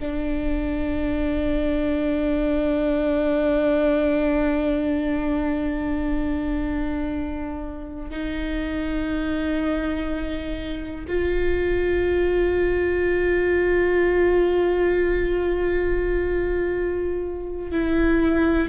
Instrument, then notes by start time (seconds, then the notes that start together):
viola
0.00 D4
8.11 D#4
11.08 F4
17.72 E4